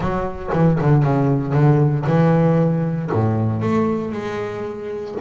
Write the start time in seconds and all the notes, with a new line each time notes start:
0.00 F#3
0.52 E3
0.81 D3
1.03 C#3
1.53 D3
2.06 E3
3.12 A2
3.61 A3
4.11 G#3